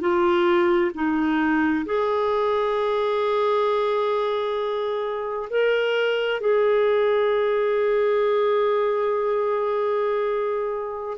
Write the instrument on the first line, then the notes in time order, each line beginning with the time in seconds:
clarinet
0.00 F4
0.94 D#4
1.85 G#4
5.50 A#4
6.40 G#4